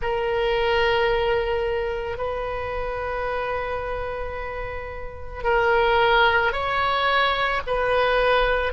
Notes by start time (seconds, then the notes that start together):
0.01 A#4
2.17 B4
5.43 A#4
6.52 C#5
7.67 B4